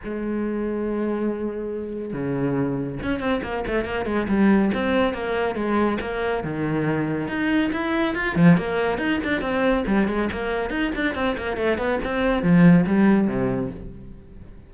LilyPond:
\new Staff \with { instrumentName = "cello" } { \time 4/4 \tempo 4 = 140 gis1~ | gis4 cis2 cis'8 c'8 | ais8 a8 ais8 gis8 g4 c'4 | ais4 gis4 ais4 dis4~ |
dis4 dis'4 e'4 f'8 f8 | ais4 dis'8 d'8 c'4 g8 gis8 | ais4 dis'8 d'8 c'8 ais8 a8 b8 | c'4 f4 g4 c4 | }